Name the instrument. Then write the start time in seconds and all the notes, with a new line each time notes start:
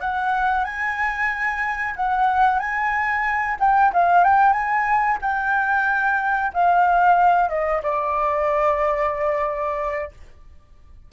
flute
0.00 F#5
0.64 G#5
1.96 F#5
2.59 G#5
3.59 G5
3.93 F5
4.24 G5
4.53 G#5
5.21 G5
6.53 F5
7.49 D#5
7.83 D5